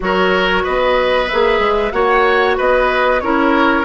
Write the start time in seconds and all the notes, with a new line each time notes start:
0.00 F#3 F#4 A#4 C#5
0.63 B3 B4 D#5
1.28 A#3 G#4 E5
1.59 G#3
1.91 A#3 F#4 C#5 F#5
2.57 B3 B4 D#5
3.20 C#4 E4 A#4 C#5